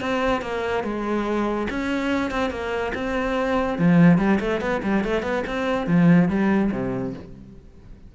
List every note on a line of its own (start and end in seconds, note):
0.00 0.42 C4
0.42 0.84 A#3
0.84 1.67 G#3
1.70 2.30 C#4
2.30 2.50 C4
2.50 2.92 A#3
2.94 3.78 C4
3.78 4.18 F3
4.18 4.39 G3
4.40 4.61 A3
4.61 4.82 B3
4.83 5.04 G3
5.04 5.22 A3
5.22 5.43 B3
5.47 5.87 C4
5.87 6.29 F3
6.29 6.71 G3
6.72 7.13 C3